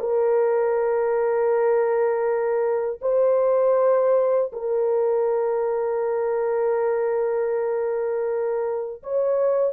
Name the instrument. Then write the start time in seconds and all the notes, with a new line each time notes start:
horn
0.00 A#4
3.01 C5
4.52 A#4
9.03 C#5